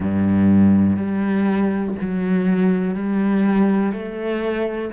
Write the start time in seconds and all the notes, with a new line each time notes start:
0.00 G2
0.96 G3
2.01 F#3
2.94 G3
3.93 A3